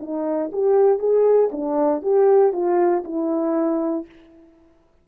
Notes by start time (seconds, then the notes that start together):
0.00 D#4
0.52 G4
0.99 G#4
1.52 D4
2.02 G4
2.53 F4
3.04 E4